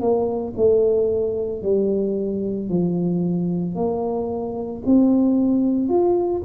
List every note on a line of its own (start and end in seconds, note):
0.00 0.54 A#3
0.56 1.62 A3
1.62 2.69 G3
2.69 3.75 F3
3.75 4.82 A#3
4.86 5.88 C4
5.88 6.42 F4